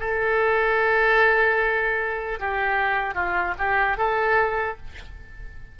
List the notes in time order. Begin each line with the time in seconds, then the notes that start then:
0.00 A4
2.39 G4
3.15 F4
3.58 G4
3.97 A4